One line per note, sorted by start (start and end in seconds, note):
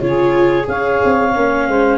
0.00 0.66 C#3
0.00 0.63 F4
0.00 0.68 G#4
0.00 0.66 C#5
0.63 1.00 C#4
0.63 1.29 G#4
0.63 1.67 C#5
0.63 1.98 F5
1.04 1.35 C4
1.34 1.68 A#3
1.34 1.98 C#4
1.67 1.98 G#3
1.67 1.98 C5